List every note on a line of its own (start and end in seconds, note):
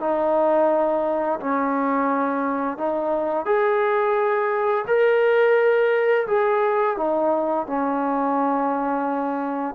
0.00 1.40 D#4
1.40 2.77 C#4
2.77 3.45 D#4
3.45 4.85 G#4
4.87 6.27 A#4
6.27 6.97 G#4
6.97 7.66 D#4
7.67 9.75 C#4